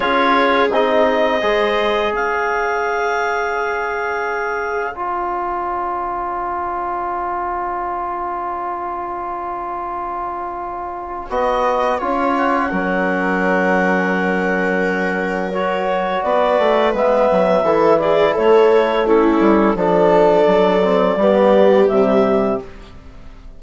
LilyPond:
<<
  \new Staff \with { instrumentName = "clarinet" } { \time 4/4 \tempo 4 = 85 cis''4 dis''2 f''4~ | f''2. gis''4~ | gis''1~ | gis''1~ |
gis''4. fis''2~ fis''8~ | fis''2 cis''4 d''4 | e''4. d''8 cis''4 a'4 | d''2. e''4 | }
  \new Staff \with { instrumentName = "viola" } { \time 4/4 gis'2 c''4 cis''4~ | cis''1~ | cis''1~ | cis''1 |
dis''4 cis''4 ais'2~ | ais'2. b'4~ | b'4 a'8 gis'8 a'4 e'4 | a'2 g'2 | }
  \new Staff \with { instrumentName = "trombone" } { \time 4/4 f'4 dis'4 gis'2~ | gis'2. f'4~ | f'1~ | f'1 |
fis'4 f'4 cis'2~ | cis'2 fis'2 | b4 e'2 cis'4 | d'4. c'8 b4 g4 | }
  \new Staff \with { instrumentName = "bassoon" } { \time 4/4 cis'4 c'4 gis4 cis'4~ | cis'1~ | cis'1~ | cis'1 |
b4 cis'4 fis2~ | fis2. b8 a8 | gis8 fis8 e4 a4. g8 | f4 fis4 g4 c4 | }
>>